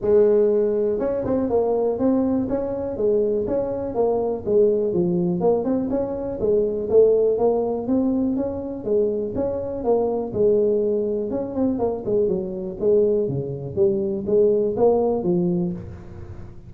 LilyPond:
\new Staff \with { instrumentName = "tuba" } { \time 4/4 \tempo 4 = 122 gis2 cis'8 c'8 ais4 | c'4 cis'4 gis4 cis'4 | ais4 gis4 f4 ais8 c'8 | cis'4 gis4 a4 ais4 |
c'4 cis'4 gis4 cis'4 | ais4 gis2 cis'8 c'8 | ais8 gis8 fis4 gis4 cis4 | g4 gis4 ais4 f4 | }